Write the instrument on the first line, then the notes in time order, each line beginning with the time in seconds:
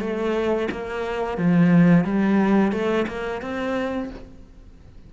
cello
0.00 A3
0.71 A#3
1.37 F3
2.04 G3
2.72 A3
3.08 A#3
3.42 C4